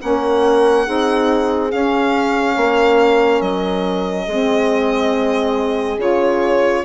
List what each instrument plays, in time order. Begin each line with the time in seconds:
0.00 bassoon A#3, saxophone C#4, horn A#4, violin F#5
0.85 bassoon C4, saxophone D#4, horn G#4
1.69 saxophone C#4, bassoon C#4, violin F5
2.57 bassoon A#3, horn A#4
3.41 bassoon F#3, violin D#5
4.25 bassoon G#3, saxophone C4, horn G#4
5.98 bassoon C#3, saxophone F4, violin C#5